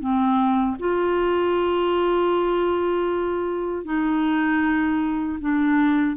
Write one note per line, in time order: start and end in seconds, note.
0.00 0.77 C4
0.79 3.85 F4
3.85 5.39 D#4
5.40 6.16 D4